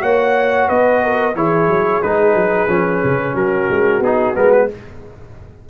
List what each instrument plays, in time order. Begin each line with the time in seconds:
0.00 tuba A#3, trombone F#4, horn C#5, trumpet F#5
0.68 tuba B3, horn B4, trumpet D#5
1.04 horn A#4
1.36 tuba E3, trombone E4, horn G#4, trumpet C#5
1.68 tuba F#3
2.03 tuba G#3, trombone D#4, trumpet B4
2.34 tuba F#3
2.69 tuba F3, trombone C#4
3.04 tuba C#3
3.34 tuba F#3, horn F#4, trumpet A#4
3.70 tuba G#3
4.00 tuba B3, trombone D#4, trumpet G#4
4.35 tuba G#3, trombone B3, trumpet A#4
4.52 trumpet B4